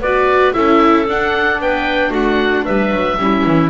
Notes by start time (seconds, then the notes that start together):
0.00 B3 F#4 B4 D5
0.53 C#4 E4 A4 E5
1.07 D4 F#5
1.60 B3 B4 G5
2.10 A3 F#4 F#5
2.64 G3 B4 E5
2.91 F#3
3.18 G3 C#4 E4
3.45 E3